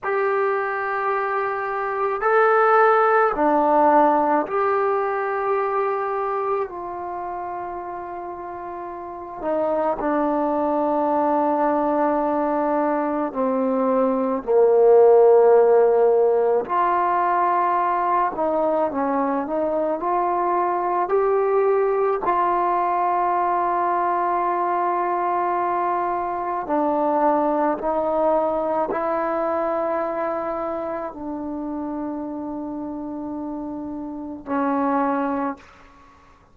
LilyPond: \new Staff \with { instrumentName = "trombone" } { \time 4/4 \tempo 4 = 54 g'2 a'4 d'4 | g'2 f'2~ | f'8 dis'8 d'2. | c'4 ais2 f'4~ |
f'8 dis'8 cis'8 dis'8 f'4 g'4 | f'1 | d'4 dis'4 e'2 | d'2. cis'4 | }